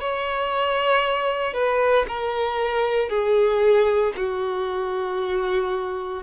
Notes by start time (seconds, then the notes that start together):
0.00 C#5
1.54 B4
2.08 A#4
3.09 G#4
4.16 F#4